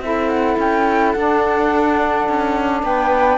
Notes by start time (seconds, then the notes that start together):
0.00 C4 E4 A4 E5
0.29 F#5
0.58 C#4 G5
1.12 D4 F#5
2.28 C#4
2.83 B3 B4 G5